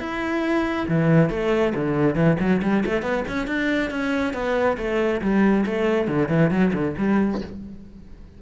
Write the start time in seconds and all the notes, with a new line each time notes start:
0.00 E4
0.88 E3
1.30 A3
1.75 D3
2.15 E3
2.40 F#3
2.62 G3
2.86 A3
3.02 B3
3.28 C#4
3.47 D4
3.91 C#4
4.33 B3
4.77 A3
5.22 G3
5.66 A3
6.08 D3
6.29 E3
6.51 F#3
6.73 D3
6.98 G3